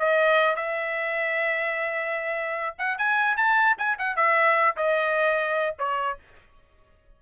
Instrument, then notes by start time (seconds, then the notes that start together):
trumpet
0.00 D#5
0.57 E5
2.79 F#5
2.98 G#5
3.37 A5
3.79 G#5
3.99 F#5
4.17 E5
4.77 D#5
5.79 C#5